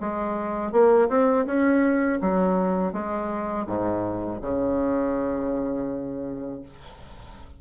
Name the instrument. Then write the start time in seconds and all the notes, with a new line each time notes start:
bassoon
0.00 G#3
0.72 A#3
1.09 C4
1.46 C#4
2.21 F#3
2.93 G#3
3.66 G#2
4.42 C#3